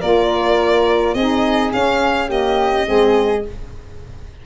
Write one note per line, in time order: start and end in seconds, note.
0.00 1.14 A#3
0.00 1.16 F4
0.00 1.14 A#4
0.00 1.14 D5
1.14 1.71 C4
1.14 1.72 D#4
1.14 2.29 G#4
1.14 1.71 D#5
1.72 2.26 C#4
1.72 2.88 C#4
1.72 2.30 F5
2.26 2.83 A#3
2.26 2.86 G4
2.26 3.45 D#5
2.85 3.46 G#3
2.85 3.42 C4
2.85 3.45 G#4